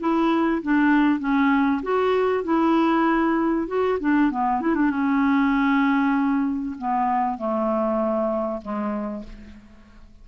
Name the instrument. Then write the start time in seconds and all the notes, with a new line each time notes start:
clarinet
0.00 E4
0.62 D4
1.19 C#4
1.83 F#4
2.44 E4
3.67 F#4
4.00 D4
4.31 B3
4.61 E4
4.75 D4
4.90 C#4
6.78 B3
7.38 A3
8.62 G#3